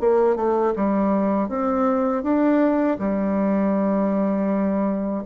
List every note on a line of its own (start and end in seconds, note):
0.00 0.35 A#3
0.35 0.73 A3
0.75 1.48 G3
1.48 2.23 C4
2.23 2.98 D4
2.98 5.23 G3